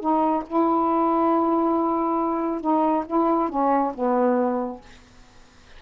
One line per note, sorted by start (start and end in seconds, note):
0.00 0.43 D#4
0.47 2.61 E4
2.61 3.04 D#4
3.07 3.49 E4
3.49 3.93 C#4
3.94 4.81 B3